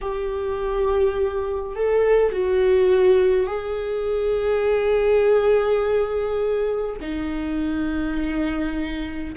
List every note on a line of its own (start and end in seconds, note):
0.01 1.75 G4
1.75 2.32 A4
2.32 3.46 F#4
3.46 6.96 G#4
7.01 9.34 D#4